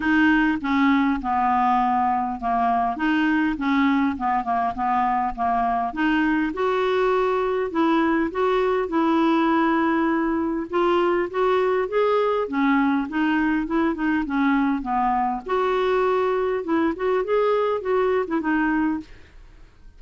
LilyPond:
\new Staff \with { instrumentName = "clarinet" } { \time 4/4 \tempo 4 = 101 dis'4 cis'4 b2 | ais4 dis'4 cis'4 b8 ais8 | b4 ais4 dis'4 fis'4~ | fis'4 e'4 fis'4 e'4~ |
e'2 f'4 fis'4 | gis'4 cis'4 dis'4 e'8 dis'8 | cis'4 b4 fis'2 | e'8 fis'8 gis'4 fis'8. e'16 dis'4 | }